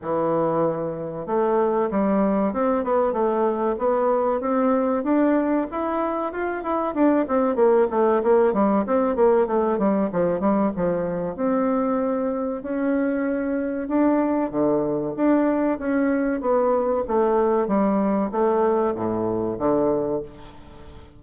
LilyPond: \new Staff \with { instrumentName = "bassoon" } { \time 4/4 \tempo 4 = 95 e2 a4 g4 | c'8 b8 a4 b4 c'4 | d'4 e'4 f'8 e'8 d'8 c'8 | ais8 a8 ais8 g8 c'8 ais8 a8 g8 |
f8 g8 f4 c'2 | cis'2 d'4 d4 | d'4 cis'4 b4 a4 | g4 a4 a,4 d4 | }